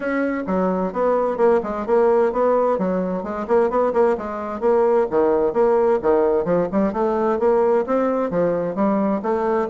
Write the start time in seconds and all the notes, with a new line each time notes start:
0.00 C#4
0.46 F#3
0.92 B3
1.37 A#3
1.63 G#3
1.86 A#3
2.32 B3
2.78 F#3
3.23 G#3
3.47 A#3
3.69 B3
3.93 A#3
4.17 G#3
4.60 A#3
5.10 D#3
5.53 A#3
6.01 D#3
6.44 F3
6.72 G3
6.93 A3
7.39 A#3
7.86 C4
8.30 F3
8.75 G3
9.22 A3